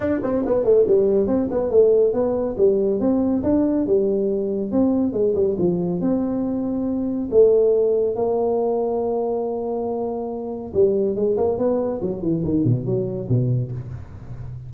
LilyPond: \new Staff \with { instrumentName = "tuba" } { \time 4/4 \tempo 4 = 140 d'8 c'8 b8 a8 g4 c'8 b8 | a4 b4 g4 c'4 | d'4 g2 c'4 | gis8 g8 f4 c'2~ |
c'4 a2 ais4~ | ais1~ | ais4 g4 gis8 ais8 b4 | fis8 e8 dis8 b,8 fis4 b,4 | }